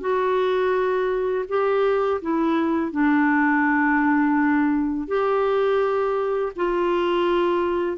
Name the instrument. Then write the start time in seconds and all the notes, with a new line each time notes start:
clarinet
0.00 F#4
1.48 G4
2.21 E4
2.91 D4
5.08 G4
6.56 F4